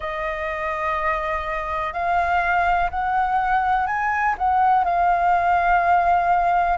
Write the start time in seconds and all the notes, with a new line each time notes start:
0.00 D#5
1.93 F5
2.90 F#5
3.87 G#5
4.38 F#5
4.84 F5